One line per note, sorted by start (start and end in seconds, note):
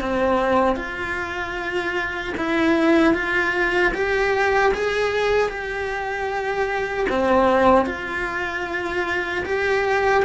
0.00 0.76 C4
0.76 2.34 F4
2.37 3.14 E4
3.14 3.93 F4
3.93 4.72 G4
4.74 5.49 G#4
5.49 7.07 G4
7.09 7.86 C4
7.86 9.44 F4
9.45 10.24 G4